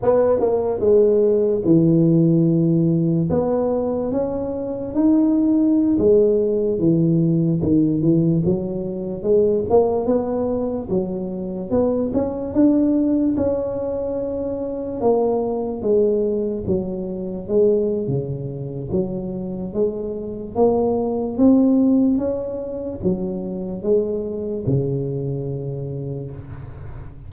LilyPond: \new Staff \with { instrumentName = "tuba" } { \time 4/4 \tempo 4 = 73 b8 ais8 gis4 e2 | b4 cis'4 dis'4~ dis'16 gis8.~ | gis16 e4 dis8 e8 fis4 gis8 ais16~ | ais16 b4 fis4 b8 cis'8 d'8.~ |
d'16 cis'2 ais4 gis8.~ | gis16 fis4 gis8. cis4 fis4 | gis4 ais4 c'4 cis'4 | fis4 gis4 cis2 | }